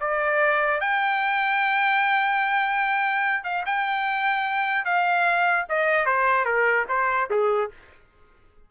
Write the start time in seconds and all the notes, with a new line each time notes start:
0.00 D5
0.80 G5
3.44 F5
3.66 G5
4.85 F5
5.69 D#5
6.06 C5
6.45 A#4
6.89 C5
7.30 G#4